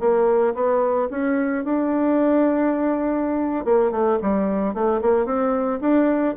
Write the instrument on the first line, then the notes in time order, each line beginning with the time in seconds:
bassoon
0.00 A#3
0.54 B3
1.10 C#4
1.64 D4
3.65 A#3
3.91 A3
4.22 G3
4.74 A3
5.02 A#3
5.26 C4
5.81 D4